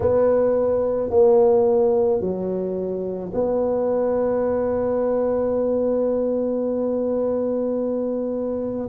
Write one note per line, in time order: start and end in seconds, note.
0.00 1.10 B3
1.10 2.20 A#3
2.20 3.31 F#3
3.33 8.89 B3